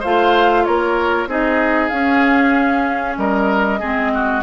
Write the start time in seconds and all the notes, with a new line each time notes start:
0.00 A3 F4 C5 F5
0.64 A#3 A#4 C#5
1.27 C4 D#4 G#4 D#5
1.89 C#4 F5
3.17 G3 A#4 D#5
3.80 G#3 C4 G#4
4.14 F#4